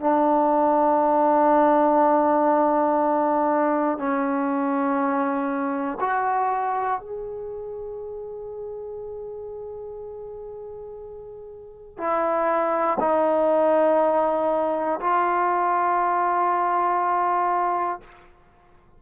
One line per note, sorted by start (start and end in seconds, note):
0.00 3.98 D4
3.98 5.98 C#4
6.00 7.00 F#4
7.00 11.98 G#4
11.98 12.98 E4
13.00 15.00 D#4
15.00 18.00 F4